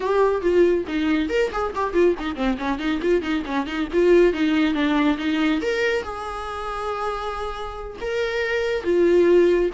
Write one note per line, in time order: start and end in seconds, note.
0.00 0.41 G4
0.41 0.85 F4
0.87 1.29 D#4
1.29 1.50 A#4
1.52 1.73 G#4
1.75 1.93 G4
1.93 2.15 F4
2.19 2.35 D#4
2.35 2.57 C4
2.57 2.79 C#4
2.79 3.00 D#4
3.02 3.21 F4
3.21 3.43 D#4
3.46 3.66 C#4
3.66 3.88 D#4
3.93 4.33 F4
4.33 4.74 D#4
4.74 5.17 D4
5.18 5.61 D#4
5.61 6.02 A#4
6.02 7.96 G#4
8.00 8.84 A#4
8.84 9.70 F4